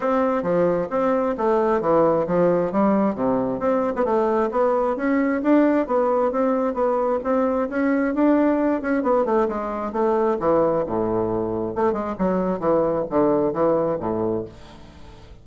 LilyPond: \new Staff \with { instrumentName = "bassoon" } { \time 4/4 \tempo 4 = 133 c'4 f4 c'4 a4 | e4 f4 g4 c4 | c'8. b16 a4 b4 cis'4 | d'4 b4 c'4 b4 |
c'4 cis'4 d'4. cis'8 | b8 a8 gis4 a4 e4 | a,2 a8 gis8 fis4 | e4 d4 e4 a,4 | }